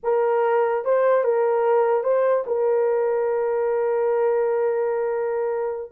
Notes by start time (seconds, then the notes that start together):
0.03 A#4
0.84 C5
1.24 A#4
2.03 C5
2.46 A#4